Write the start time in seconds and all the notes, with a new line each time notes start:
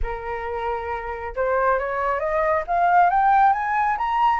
0.02 A#4
1.35 C5
1.78 C#5
2.19 D#5
2.67 F5
3.10 G5
3.53 G#5
3.97 A#5